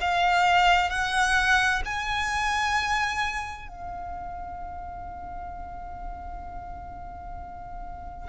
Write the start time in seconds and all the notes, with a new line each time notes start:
0.00 F5
0.89 F#5
1.85 G#5
3.68 F5